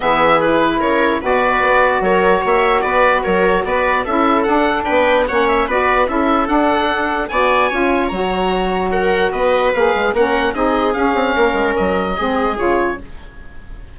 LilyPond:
<<
  \new Staff \with { instrumentName = "oboe" } { \time 4/4 \tempo 4 = 148 e''4 b'4 cis''4 d''4~ | d''4 cis''4 e''4 d''4 | cis''4 d''4 e''4 fis''4 | g''4 fis''8 e''8 d''4 e''4 |
fis''2 gis''2 | ais''2 fis''4 dis''4 | f''4 fis''4 dis''4 f''4~ | f''4 dis''2 cis''4 | }
  \new Staff \with { instrumentName = "viola" } { \time 4/4 gis'2 ais'4 b'4~ | b'4 ais'4 cis''4 b'4 | ais'4 b'4 a'2 | b'4 cis''4 b'4 a'4~ |
a'2 d''4 cis''4~ | cis''2 ais'4 b'4~ | b'4 ais'4 gis'2 | ais'2 gis'2 | }
  \new Staff \with { instrumentName = "saxophone" } { \time 4/4 b4 e'2 fis'4~ | fis'1~ | fis'2 e'4 d'4~ | d'4 cis'4 fis'4 e'4 |
d'2 fis'4 f'4 | fis'1 | gis'4 cis'4 dis'4 cis'4~ | cis'2 c'4 f'4 | }
  \new Staff \with { instrumentName = "bassoon" } { \time 4/4 e2 cis4 b,4 | b4 fis4 ais4 b4 | fis4 b4 cis'4 d'4 | b4 ais4 b4 cis'4 |
d'2 b4 cis'4 | fis2. b4 | ais8 gis8 ais4 c'4 cis'8 c'8 | ais8 gis8 fis4 gis4 cis4 | }
>>